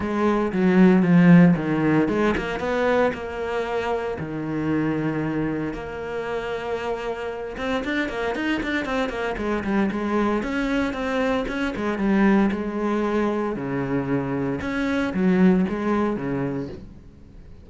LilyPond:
\new Staff \with { instrumentName = "cello" } { \time 4/4 \tempo 4 = 115 gis4 fis4 f4 dis4 | gis8 ais8 b4 ais2 | dis2. ais4~ | ais2~ ais8 c'8 d'8 ais8 |
dis'8 d'8 c'8 ais8 gis8 g8 gis4 | cis'4 c'4 cis'8 gis8 g4 | gis2 cis2 | cis'4 fis4 gis4 cis4 | }